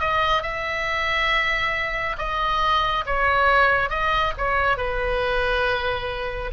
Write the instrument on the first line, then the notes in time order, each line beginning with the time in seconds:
oboe
0.00 D#5
0.43 E5
2.18 D#5
3.06 C#5
3.90 D#5
4.38 C#5
4.77 B4